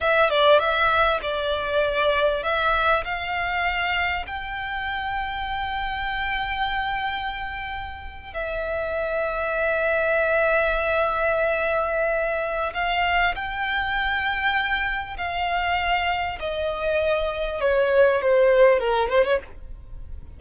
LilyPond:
\new Staff \with { instrumentName = "violin" } { \time 4/4 \tempo 4 = 99 e''8 d''8 e''4 d''2 | e''4 f''2 g''4~ | g''1~ | g''4.~ g''16 e''2~ e''16~ |
e''1~ | e''4 f''4 g''2~ | g''4 f''2 dis''4~ | dis''4 cis''4 c''4 ais'8 c''16 cis''16 | }